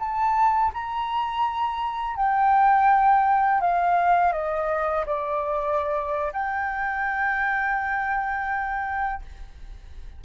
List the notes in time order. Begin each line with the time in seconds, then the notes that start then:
0.00 A5
0.74 A#5
2.17 G5
3.61 F5
4.33 D#5
5.06 D5
6.33 G5